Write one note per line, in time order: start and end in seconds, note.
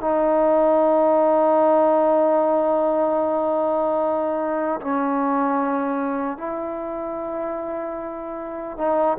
0.00 4.80 D#4
4.80 6.37 C#4
6.37 8.77 E4
8.77 9.17 D#4